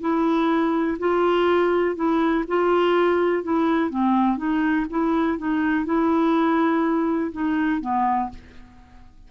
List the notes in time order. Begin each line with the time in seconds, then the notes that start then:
0.00 E4
0.99 F4
1.96 E4
2.47 F4
3.43 E4
3.90 C4
4.37 D#4
4.90 E4
5.38 D#4
5.85 E4
7.32 D#4
7.81 B3